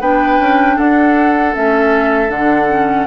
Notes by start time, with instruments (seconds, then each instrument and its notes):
0.00 bassoon B3, clarinet D4, oboe B4, flute G5
0.39 bassoon C#4
0.76 bassoon D4, oboe A4, flute F#5
1.53 bassoon A3, clarinet C#4, flute E5
2.28 bassoon D3, clarinet D4, flute F#5
2.70 clarinet C#4